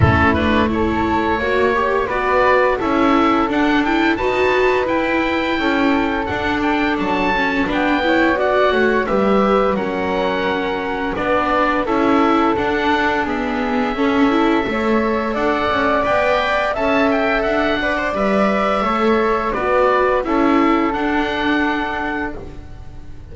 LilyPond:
<<
  \new Staff \with { instrumentName = "oboe" } { \time 4/4 \tempo 4 = 86 a'8 b'8 cis''2 d''4 | e''4 fis''8 g''8 a''4 g''4~ | g''4 fis''8 g''8 a''4 g''4 | fis''4 e''4 fis''2 |
d''4 e''4 fis''4 e''4~ | e''2 fis''4 g''4 | a''8 g''8 fis''4 e''2 | d''4 e''4 fis''2 | }
  \new Staff \with { instrumentName = "flute" } { \time 4/4 e'4 a'4 cis''4 b'4 | a'2 b'2 | a'2. b'8 cis''8 | d''8 cis''8 b'4 ais'2 |
b'4 a'2 gis'4 | a'4 cis''4 d''2 | e''4. d''4. cis''4 | b'4 a'2. | }
  \new Staff \with { instrumentName = "viola" } { \time 4/4 cis'8 d'8 e'4 fis'8 g'8 fis'4 | e'4 d'8 e'8 fis'4 e'4~ | e'4 d'4. cis'8 d'8 e'8 | fis'4 g'4 cis'2 |
d'4 e'4 d'4 b4 | cis'8 e'8 a'2 b'4 | a'4. b'16 c''16 b'4 a'4 | fis'4 e'4 d'2 | }
  \new Staff \with { instrumentName = "double bass" } { \time 4/4 a2 ais4 b4 | cis'4 d'4 dis'4 e'4 | cis'4 d'4 fis4 b4~ | b8 a8 g4 fis2 |
b4 cis'4 d'2 | cis'4 a4 d'8 cis'8 b4 | cis'4 d'4 g4 a4 | b4 cis'4 d'2 | }
>>